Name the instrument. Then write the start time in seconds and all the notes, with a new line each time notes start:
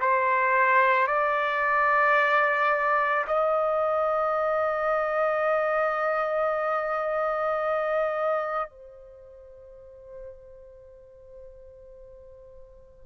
trumpet
0.00 C5
1.07 D5
3.27 D#5
8.70 C5